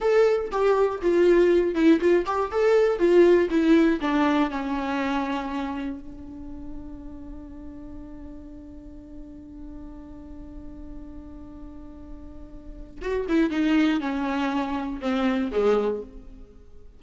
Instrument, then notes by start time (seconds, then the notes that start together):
viola
0.00 A4
0.51 G4
1.01 F4
1.74 E4
2.00 F4
2.25 G4
2.51 A4
2.98 F4
3.50 E4
4.00 D4
4.50 C#4
6.00 D4
13.01 F#4
13.28 E4
13.50 D#4
14.00 C#4
15.01 C4
15.51 G#3